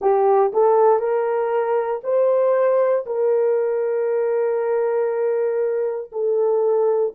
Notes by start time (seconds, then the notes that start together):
0.00 G4
0.53 A4
0.99 A#4
2.03 C5
3.06 A#4
6.12 A4